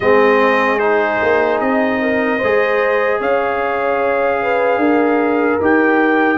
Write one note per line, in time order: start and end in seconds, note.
0.00 1.20 G#3
0.00 0.79 C4
0.00 2.01 G#4
0.00 0.79 D#5
0.79 2.39 D#4
0.79 1.59 C5
1.21 1.60 A#3
1.60 2.40 C4
1.60 3.20 D#5
2.01 2.38 A#4
2.38 3.20 G#3
2.38 5.60 G#4
2.38 3.18 C5
3.20 4.77 C#4
3.20 4.40 C#5
3.20 5.61 F5
4.42 4.79 B4
4.77 5.57 D4
4.77 6.37 A#4
5.60 6.37 D#4
5.60 6.37 G4
5.60 6.37 G5